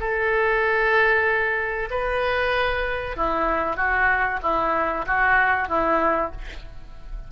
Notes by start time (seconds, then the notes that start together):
0.00 A4
1.90 B4
3.17 E4
3.77 F#4
4.43 E4
5.06 F#4
5.68 E4